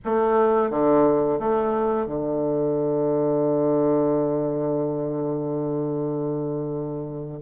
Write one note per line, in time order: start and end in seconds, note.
0.05 0.70 A3
0.70 1.39 D3
1.39 2.06 A3
2.06 7.40 D3